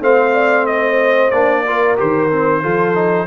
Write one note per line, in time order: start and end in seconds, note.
0.00 1.30 A3
0.00 1.31 C4
0.00 0.34 C5
0.00 0.66 F5
0.34 0.66 D5
0.66 1.65 C5
0.66 1.30 D#5
1.30 1.98 A#3
1.30 1.65 D4
1.30 1.96 D5
1.65 1.97 F4
1.65 2.62 A#4
1.97 2.64 D#3
1.97 2.29 G4
1.97 3.27 C5
2.30 2.63 C4
2.62 3.27 F3
2.62 2.94 F4
2.62 3.27 A4
2.94 3.27 D#4